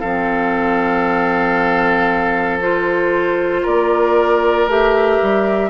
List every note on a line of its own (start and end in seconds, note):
0.00 3.65 F3
0.00 2.62 C4
0.00 3.62 A4
0.00 2.59 F5
2.62 4.69 F4
2.62 3.66 C5
3.63 4.67 A#3
3.63 5.70 A#4
3.63 4.70 D5
4.67 5.19 A3
4.67 5.71 G4
4.67 5.71 E5
5.22 5.71 G3